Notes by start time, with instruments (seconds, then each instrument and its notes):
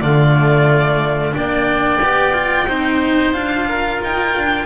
0.00 double bass D3, cello A3, oboe F4, violin D5
1.32 double bass A#3, cello D4, oboe D5, violin G5
2.01 double bass B3, cello G4
2.33 cello F4
2.67 double bass C4, cello D#4, oboe C5
3.33 double bass D4, cello F4, violin F5
3.68 oboe A#4
4.02 double bass D#4, violin G5
4.37 double bass D4